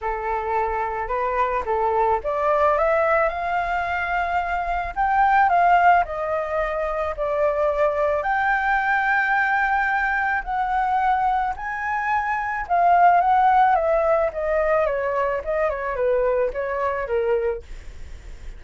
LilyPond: \new Staff \with { instrumentName = "flute" } { \time 4/4 \tempo 4 = 109 a'2 b'4 a'4 | d''4 e''4 f''2~ | f''4 g''4 f''4 dis''4~ | dis''4 d''2 g''4~ |
g''2. fis''4~ | fis''4 gis''2 f''4 | fis''4 e''4 dis''4 cis''4 | dis''8 cis''8 b'4 cis''4 ais'4 | }